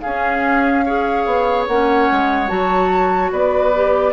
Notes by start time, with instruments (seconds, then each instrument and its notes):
0.00 bassoon C#4, clarinet C#4, oboe G#4, flute F5
0.85 clarinet G#4, oboe C#5
1.26 bassoon B3
1.67 bassoon A#3, clarinet C#4, flute F#5
2.11 bassoon G#3
2.48 bassoon F#3, clarinet F#4, flute A5
3.32 bassoon B3, oboe B4, flute D5
3.75 clarinet G4